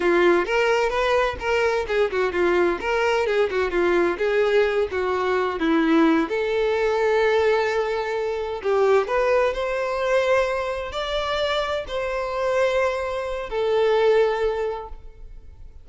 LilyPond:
\new Staff \with { instrumentName = "violin" } { \time 4/4 \tempo 4 = 129 f'4 ais'4 b'4 ais'4 | gis'8 fis'8 f'4 ais'4 gis'8 fis'8 | f'4 gis'4. fis'4. | e'4. a'2~ a'8~ |
a'2~ a'8 g'4 b'8~ | b'8 c''2. d''8~ | d''4. c''2~ c''8~ | c''4 a'2. | }